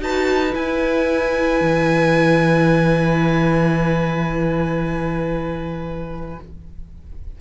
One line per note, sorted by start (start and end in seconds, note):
0.00 0.54 D#4
0.00 0.51 F#4
0.00 6.41 B4
0.00 0.55 A5
0.51 6.35 E4
0.51 1.60 E4
0.51 6.39 G#5
1.60 6.38 E3